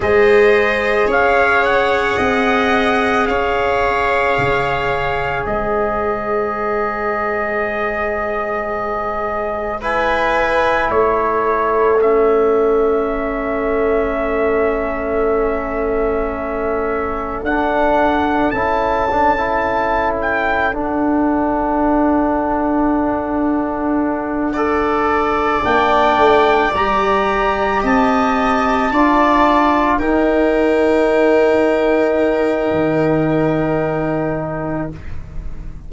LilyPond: <<
  \new Staff \with { instrumentName = "trumpet" } { \time 4/4 \tempo 4 = 55 dis''4 f''8 fis''4. f''4~ | f''4 dis''2.~ | dis''4 gis''4 cis''4 e''4~ | e''1 |
fis''4 a''4. g''8 fis''4~ | fis''2.~ fis''8 g''8~ | g''8 ais''4 a''2 g''8~ | g''1 | }
  \new Staff \with { instrumentName = "viola" } { \time 4/4 c''4 cis''4 dis''4 cis''4~ | cis''4 c''2.~ | c''4 b'4 a'2~ | a'1~ |
a'1~ | a'2~ a'8 d''4.~ | d''4. dis''4 d''4 ais'8~ | ais'1 | }
  \new Staff \with { instrumentName = "trombone" } { \time 4/4 gis'1~ | gis'1~ | gis'4 e'2 cis'4~ | cis'1 |
d'4 e'8 d'16 e'4~ e'16 d'4~ | d'2~ d'8 a'4 d'8~ | d'8 g'2 f'4 dis'8~ | dis'1 | }
  \new Staff \with { instrumentName = "tuba" } { \time 4/4 gis4 cis'4 c'4 cis'4 | cis4 gis2.~ | gis2 a2~ | a1 |
d'4 cis'2 d'4~ | d'2.~ d'8 ais8 | a8 g4 c'4 d'4 dis'8~ | dis'2 dis2 | }
>>